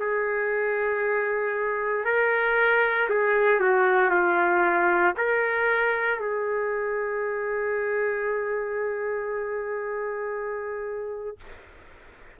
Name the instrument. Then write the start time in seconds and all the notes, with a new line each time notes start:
trumpet
0.00 G#4
2.05 A#4
3.10 G#4
3.61 F#4
4.11 F4
5.17 A#4
6.20 G#4